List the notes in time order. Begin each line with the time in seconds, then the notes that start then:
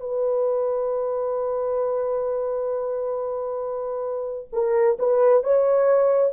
0.00 B4
4.52 A#4
4.98 B4
5.43 C#5